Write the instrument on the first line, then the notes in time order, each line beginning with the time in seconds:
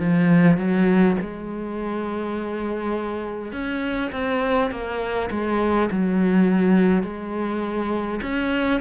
cello
0.00 F3
0.58 F#3
1.21 G#3
3.53 C#4
4.12 C4
4.71 A#3
5.31 G#3
5.92 F#3
7.03 G#3
8.23 C#4